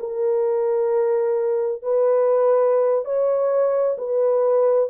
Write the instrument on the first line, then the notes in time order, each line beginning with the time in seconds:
horn
0.00 A#4
1.83 B4
3.05 C#5
3.98 B4